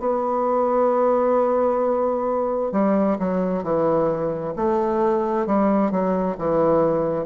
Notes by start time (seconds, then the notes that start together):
0.00 B3
2.72 G3
3.19 F#3
3.63 E3
4.56 A3
5.46 G3
5.91 F#3
6.38 E3